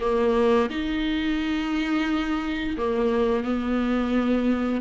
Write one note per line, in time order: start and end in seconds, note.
0.00 0.69 A#3
0.70 2.76 D#4
2.77 3.43 A#3
3.43 4.81 B3